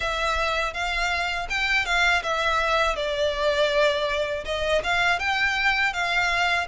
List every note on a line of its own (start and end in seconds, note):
0.00 0.73 E5
0.73 1.47 F5
1.49 1.85 G5
1.85 2.22 F5
2.22 2.96 E5
2.96 4.44 D5
4.44 4.81 D#5
4.83 5.19 F5
5.19 5.93 G5
5.93 6.67 F5